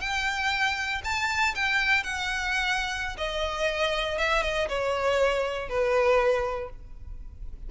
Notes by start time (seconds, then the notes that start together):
0.00 G5
1.04 A5
1.55 G5
2.03 F#5
3.17 D#5
4.18 E5
4.43 D#5
4.68 C#5
5.69 B4